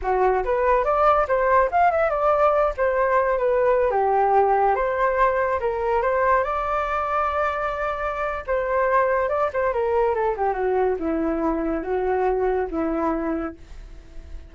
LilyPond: \new Staff \with { instrumentName = "flute" } { \time 4/4 \tempo 4 = 142 fis'4 b'4 d''4 c''4 | f''8 e''8 d''4. c''4. | b'4~ b'16 g'2 c''8.~ | c''4~ c''16 ais'4 c''4 d''8.~ |
d''1 | c''2 d''8 c''8 ais'4 | a'8 g'8 fis'4 e'2 | fis'2 e'2 | }